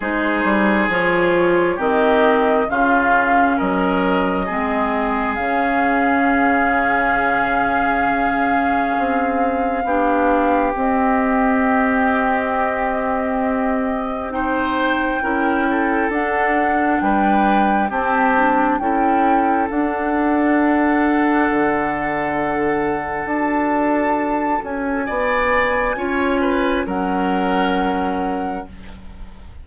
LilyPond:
<<
  \new Staff \with { instrumentName = "flute" } { \time 4/4 \tempo 4 = 67 c''4 cis''4 dis''4 f''4 | dis''2 f''2~ | f''1 | dis''1 |
g''2 fis''4 g''4 | a''4 g''4 fis''2~ | fis''2 a''4. gis''8~ | gis''2 fis''2 | }
  \new Staff \with { instrumentName = "oboe" } { \time 4/4 gis'2 g'4 f'4 | ais'4 gis'2.~ | gis'2. g'4~ | g'1 |
c''4 ais'8 a'4. b'4 | g'4 a'2.~ | a'1 | d''4 cis''8 b'8 ais'2 | }
  \new Staff \with { instrumentName = "clarinet" } { \time 4/4 dis'4 f'4 c'4 cis'4~ | cis'4 c'4 cis'2~ | cis'2. d'4 | c'1 |
dis'4 e'4 d'2 | c'8 d'8 e'4 d'2~ | d'2 fis'2~ | fis'4 f'4 cis'2 | }
  \new Staff \with { instrumentName = "bassoon" } { \time 4/4 gis8 g8 f4 dis4 cis4 | fis4 gis4 cis2~ | cis2 c'4 b4 | c'1~ |
c'4 cis'4 d'4 g4 | c'4 cis'4 d'2 | d2 d'4. cis'8 | b4 cis'4 fis2 | }
>>